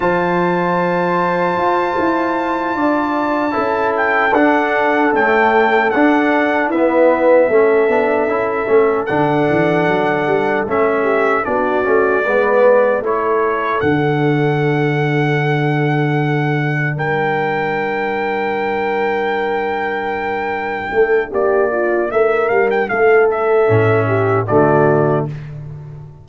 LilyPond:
<<
  \new Staff \with { instrumentName = "trumpet" } { \time 4/4 \tempo 4 = 76 a''1~ | a''4 g''8 fis''4 g''4 fis''8~ | fis''8 e''2. fis''8~ | fis''4. e''4 d''4.~ |
d''8 cis''4 fis''2~ fis''8~ | fis''4. g''2~ g''8~ | g''2. d''4 | e''8 f''16 g''16 f''8 e''4. d''4 | }
  \new Staff \with { instrumentName = "horn" } { \time 4/4 c''2.~ c''8 d''8~ | d''8 a'2.~ a'8~ | a'8 b'4 a'2~ a'8~ | a'2 g'8 fis'4 b'8~ |
b'8 a'2.~ a'8~ | a'4. ais'2~ ais'8~ | ais'2~ ais'8 a'8 g'8 f'8 | ais'4 a'4. g'8 fis'4 | }
  \new Staff \with { instrumentName = "trombone" } { \time 4/4 f'1~ | f'8 e'4 d'4 a4 d'8~ | d'8 b4 cis'8 d'8 e'8 cis'8 d'8~ | d'4. cis'4 d'8 cis'8 b8~ |
b8 e'4 d'2~ d'8~ | d'1~ | d'1~ | d'2 cis'4 a4 | }
  \new Staff \with { instrumentName = "tuba" } { \time 4/4 f2 f'8 e'4 d'8~ | d'8 cis'4 d'4 cis'4 d'8~ | d'8 e'4 a8 b8 cis'8 a8 d8 | e8 fis8 g8 a4 b8 a8 gis8~ |
gis8 a4 d2~ d8~ | d4. g2~ g8~ | g2~ g8 a8 ais4 | a8 g8 a4 a,4 d4 | }
>>